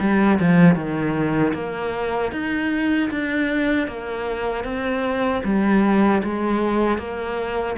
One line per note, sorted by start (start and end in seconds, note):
0.00 0.39 G3
0.40 0.75 F3
0.75 1.53 D#3
1.54 2.32 A#3
2.32 3.10 D#4
3.11 3.87 D4
3.87 4.64 A#3
4.64 5.42 C4
5.44 6.22 G3
6.23 6.98 G#3
6.98 7.76 A#3